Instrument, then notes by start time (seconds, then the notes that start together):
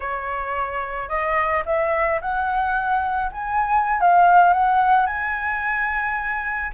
flute
0.00 C#5
1.08 D#5
1.65 E5
2.21 F#5
3.32 G#5
4.00 F5
4.53 F#5
5.06 G#5